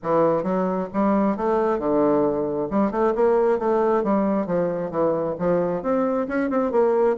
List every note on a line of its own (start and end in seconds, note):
0.02 0.43 E3
0.43 0.87 F#3
0.93 1.36 G3
1.36 1.78 A3
1.78 2.68 D3
2.70 2.91 G3
2.91 3.13 A3
3.15 3.58 A#3
3.58 4.03 A3
4.03 4.46 G3
4.46 4.91 F3
4.91 5.35 E3
5.39 5.82 F3
5.82 6.27 C4
6.27 6.50 C#4
6.50 6.71 C4
6.71 7.16 A#3